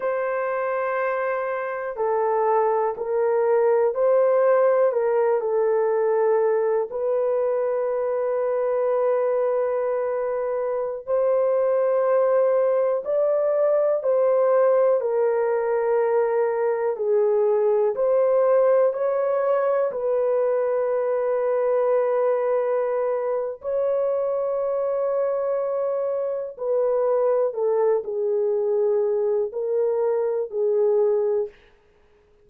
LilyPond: \new Staff \with { instrumentName = "horn" } { \time 4/4 \tempo 4 = 61 c''2 a'4 ais'4 | c''4 ais'8 a'4. b'4~ | b'2.~ b'16 c''8.~ | c''4~ c''16 d''4 c''4 ais'8.~ |
ais'4~ ais'16 gis'4 c''4 cis''8.~ | cis''16 b'2.~ b'8. | cis''2. b'4 | a'8 gis'4. ais'4 gis'4 | }